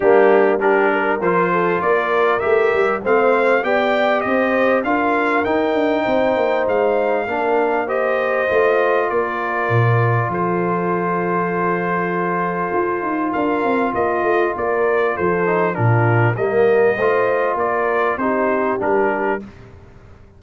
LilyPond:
<<
  \new Staff \with { instrumentName = "trumpet" } { \time 4/4 \tempo 4 = 99 g'4 ais'4 c''4 d''4 | e''4 f''4 g''4 dis''4 | f''4 g''2 f''4~ | f''4 dis''2 d''4~ |
d''4 c''2.~ | c''2 f''4 dis''4 | d''4 c''4 ais'4 dis''4~ | dis''4 d''4 c''4 ais'4 | }
  \new Staff \with { instrumentName = "horn" } { \time 4/4 d'4 g'8 ais'4 a'8 ais'4~ | ais'4 c''4 d''4 c''4 | ais'2 c''2 | ais'4 c''2 ais'4~ |
ais'4 a'2.~ | a'2 ais'4 f'4 | ais'4 a'4 f'4 ais'4 | c''4 ais'4 g'2 | }
  \new Staff \with { instrumentName = "trombone" } { \time 4/4 ais4 d'4 f'2 | g'4 c'4 g'2 | f'4 dis'2. | d'4 g'4 f'2~ |
f'1~ | f'1~ | f'4. dis'8 d'4 ais4 | f'2 dis'4 d'4 | }
  \new Staff \with { instrumentName = "tuba" } { \time 4/4 g2 f4 ais4 | a8 g8 a4 b4 c'4 | d'4 dis'8 d'8 c'8 ais8 gis4 | ais2 a4 ais4 |
ais,4 f2.~ | f4 f'8 dis'8 d'8 c'8 ais8 a8 | ais4 f4 ais,4 g4 | a4 ais4 c'4 g4 | }
>>